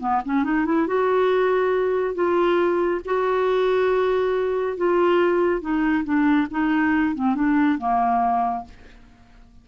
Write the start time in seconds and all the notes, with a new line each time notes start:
0.00 B3
0.26 C#4
0.44 D#4
0.66 E4
0.87 F#4
2.15 F4
3.05 F#4
4.77 F4
5.61 D#4
6.05 D4
6.51 D#4
7.15 C4
7.35 D4
7.79 A#3